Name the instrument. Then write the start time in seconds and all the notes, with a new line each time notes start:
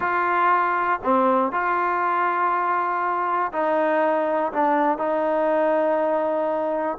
trombone
0.00 F4
1.03 C4
1.52 F4
3.52 D#4
4.52 D4
4.98 D#4